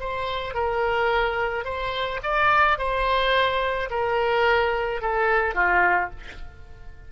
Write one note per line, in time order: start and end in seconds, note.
0.00 0.54 C5
0.54 1.65 A#4
1.65 2.20 C5
2.23 2.78 D5
2.78 3.89 C5
3.90 5.02 A#4
5.02 5.55 A4
5.55 6.10 F4